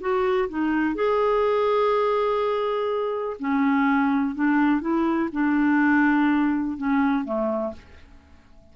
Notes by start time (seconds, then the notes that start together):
0.00 F#4
0.49 D#4
0.95 G#4
3.39 C#4
4.35 D4
4.81 E4
5.32 D4
6.77 C#4
7.24 A3